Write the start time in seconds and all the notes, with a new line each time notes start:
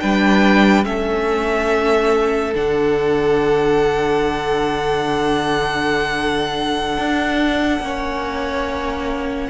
0.00 G3 D4 B4 G5
0.84 A3 C#4 A4 E5
2.54 D3 D4 F#5
6.98 D4
7.80 A#3 C#4 C#5